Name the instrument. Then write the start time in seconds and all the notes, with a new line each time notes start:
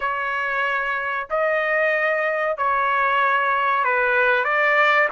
trumpet
0.00 C#5
1.30 D#5
2.57 C#5
3.84 B4
4.44 D5